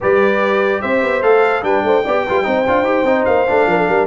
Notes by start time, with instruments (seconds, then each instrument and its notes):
0.00 tuba G3, trombone G4, horn B4, trumpet D5
0.81 tuba C4, horn C5, trumpet E5
1.02 tuba B3
1.22 tuba A3, trombone A4, trumpet F5
1.62 tuba G3, trombone D4, horn B4, trumpet G5
1.83 tuba A3, horn C5
2.04 tuba B3, trombone G4, horn D5
2.25 tuba G3, trombone F4, horn B4
2.43 tuba C4, trombone D#4, horn C5
2.67 tuba D4, trombone F4
2.81 tuba D#4, trombone G4
3.04 tuba C4, trombone D#4
3.25 tuba A#3, trumpet F5
3.47 tuba A3, trombone D4
3.66 tuba F3, horn A#4
3.78 horn A4
3.88 tuba G3, horn A#4